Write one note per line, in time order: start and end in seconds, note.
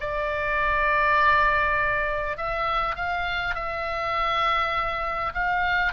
0.00 2.37 D5
2.37 2.95 E5
2.95 3.55 F5
3.55 5.33 E5
5.34 5.92 F5